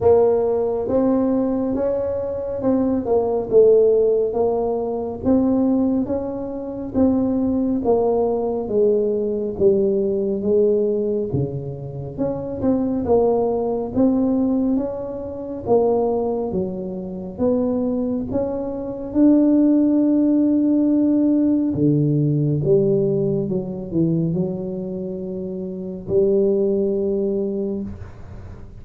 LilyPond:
\new Staff \with { instrumentName = "tuba" } { \time 4/4 \tempo 4 = 69 ais4 c'4 cis'4 c'8 ais8 | a4 ais4 c'4 cis'4 | c'4 ais4 gis4 g4 | gis4 cis4 cis'8 c'8 ais4 |
c'4 cis'4 ais4 fis4 | b4 cis'4 d'2~ | d'4 d4 g4 fis8 e8 | fis2 g2 | }